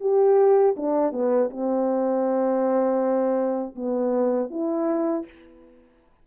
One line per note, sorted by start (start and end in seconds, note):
0.00 0.75 G4
0.76 1.12 D4
1.12 1.49 B3
1.50 3.75 C4
3.75 4.50 B3
4.50 5.25 E4